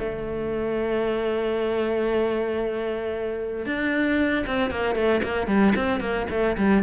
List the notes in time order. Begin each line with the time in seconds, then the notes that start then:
0.00 A3
3.67 D4
4.47 C4
4.71 A#3
4.96 A3
5.24 A#3
5.47 G3
5.76 C4
6.01 A#3
6.31 A3
6.58 G3